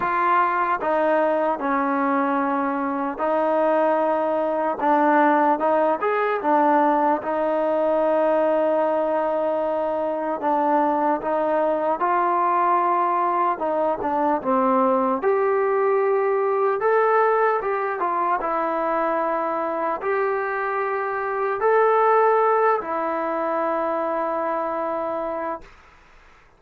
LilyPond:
\new Staff \with { instrumentName = "trombone" } { \time 4/4 \tempo 4 = 75 f'4 dis'4 cis'2 | dis'2 d'4 dis'8 gis'8 | d'4 dis'2.~ | dis'4 d'4 dis'4 f'4~ |
f'4 dis'8 d'8 c'4 g'4~ | g'4 a'4 g'8 f'8 e'4~ | e'4 g'2 a'4~ | a'8 e'2.~ e'8 | }